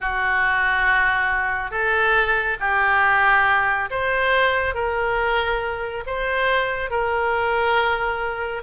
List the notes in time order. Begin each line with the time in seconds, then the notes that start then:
0.00 F#4
1.70 A4
2.60 G4
3.90 C5
4.74 A#4
6.06 C5
6.90 A#4